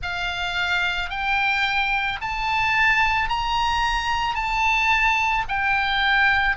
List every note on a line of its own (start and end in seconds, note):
0.02 1.10 F5
1.10 2.19 G5
2.21 3.29 A5
3.29 4.34 A#5
4.34 5.43 A5
5.48 6.56 G5